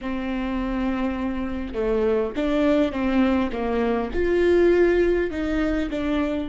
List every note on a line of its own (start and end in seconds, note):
0.01 1.74 C4
1.74 2.33 A3
2.36 2.91 D4
2.91 3.50 C4
3.52 4.10 A#3
4.13 5.30 F4
5.30 5.89 D#4
5.90 6.49 D4